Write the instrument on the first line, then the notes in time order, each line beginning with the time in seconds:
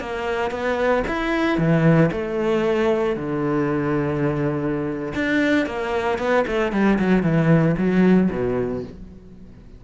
cello
0.00 A#3
0.51 B3
1.07 E4
1.58 E3
2.11 A3
3.16 D3
5.15 D4
5.66 A#3
6.18 B3
6.47 A3
6.72 G3
6.99 F#3
7.23 E3
7.78 F#3
8.31 B2